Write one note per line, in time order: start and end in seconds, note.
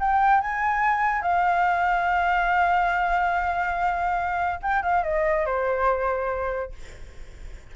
0.00 0.41 G5
0.41 1.22 G#5
1.22 4.60 F5
4.62 4.83 G5
4.83 5.04 F5
5.04 5.46 D#5
5.46 6.73 C5